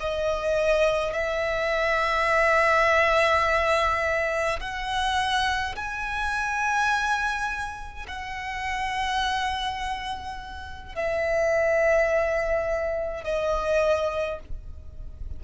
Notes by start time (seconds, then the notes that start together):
0.00 D#5
1.13 E5
4.60 F#5
5.75 G#5
8.08 F#5
10.95 E5
13.24 D#5